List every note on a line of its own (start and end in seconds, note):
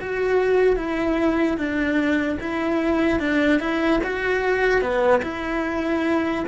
0.00 0.76 F#4
0.76 1.57 E4
1.57 2.38 D4
2.40 3.19 E4
3.19 3.59 D4
3.59 4.00 E4
4.03 4.81 F#4
4.81 5.21 B3
5.23 6.44 E4